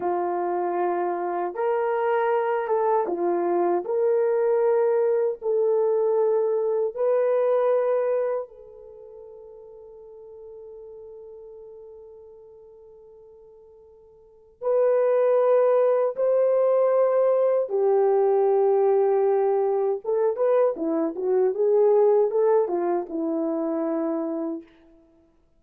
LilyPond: \new Staff \with { instrumentName = "horn" } { \time 4/4 \tempo 4 = 78 f'2 ais'4. a'8 | f'4 ais'2 a'4~ | a'4 b'2 a'4~ | a'1~ |
a'2. b'4~ | b'4 c''2 g'4~ | g'2 a'8 b'8 e'8 fis'8 | gis'4 a'8 f'8 e'2 | }